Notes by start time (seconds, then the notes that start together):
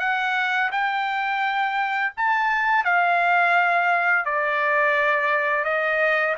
0.00 F#5
0.72 G5
2.17 A5
2.85 F5
4.26 D5
5.65 D#5